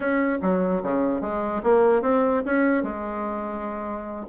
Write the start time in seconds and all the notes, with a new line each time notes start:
0.00 C#4
0.42 F#3
0.83 C#3
1.21 G#3
1.63 A#3
2.01 C4
2.45 C#4
2.83 G#3